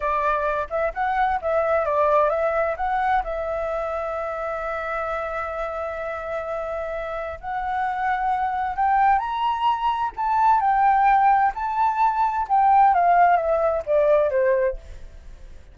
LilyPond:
\new Staff \with { instrumentName = "flute" } { \time 4/4 \tempo 4 = 130 d''4. e''8 fis''4 e''4 | d''4 e''4 fis''4 e''4~ | e''1~ | e''1 |
fis''2. g''4 | ais''2 a''4 g''4~ | g''4 a''2 g''4 | f''4 e''4 d''4 c''4 | }